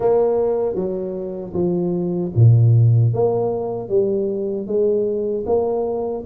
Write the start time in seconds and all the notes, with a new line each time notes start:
0.00 A#3
0.75 F#3
1.53 F3
2.35 A#2
3.13 A#3
3.88 G3
4.66 G#3
5.45 A#3